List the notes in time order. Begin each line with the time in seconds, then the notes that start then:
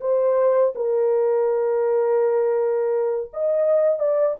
0.00 C5
0.75 A#4
3.33 D#5
3.99 D5